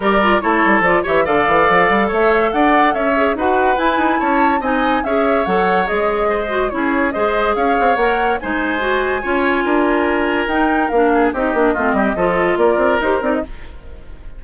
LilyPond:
<<
  \new Staff \with { instrumentName = "flute" } { \time 4/4 \tempo 4 = 143 d''4 cis''4 d''8 e''8 f''4~ | f''4 e''4 fis''4 e''4 | fis''4 gis''4 a''4 gis''4 | e''4 fis''4 dis''2 |
cis''4 dis''4 f''4 fis''4 | gis''1~ | gis''4 g''4 f''4 dis''4~ | dis''2 d''4 c''8 d''16 dis''16 | }
  \new Staff \with { instrumentName = "oboe" } { \time 4/4 ais'4 a'4. cis''8 d''4~ | d''4 cis''4 d''4 cis''4 | b'2 cis''4 dis''4 | cis''2. c''4 |
gis'4 c''4 cis''2 | c''2 cis''4 ais'4~ | ais'2~ ais'8 gis'8 g'4 | f'8 g'8 a'4 ais'2 | }
  \new Staff \with { instrumentName = "clarinet" } { \time 4/4 g'8 f'8 e'4 f'8 g'8 a'4~ | a'2.~ a'8 gis'8 | fis'4 e'2 dis'4 | gis'4 a'4 gis'4. fis'8 |
e'4 gis'2 ais'4 | dis'4 fis'4 f'2~ | f'4 dis'4 d'4 dis'8 d'8 | c'4 f'2 g'8 dis'8 | }
  \new Staff \with { instrumentName = "bassoon" } { \time 4/4 g4 a8 g8 f8 e8 d8 e8 | f8 g8 a4 d'4 cis'4 | dis'4 e'8 dis'8 cis'4 c'4 | cis'4 fis4 gis2 |
cis'4 gis4 cis'8 c'8 ais4 | gis2 cis'4 d'4~ | d'4 dis'4 ais4 c'8 ais8 | a8 g8 f4 ais8 c'8 dis'8 c'8 | }
>>